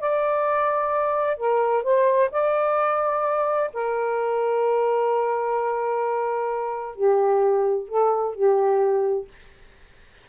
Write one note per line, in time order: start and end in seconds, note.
0.00 1.37 D5
1.37 1.84 A#4
1.84 2.30 C5
2.32 3.71 D5
3.73 6.96 A#4
6.96 7.88 G4
7.88 8.35 A4
8.35 9.28 G4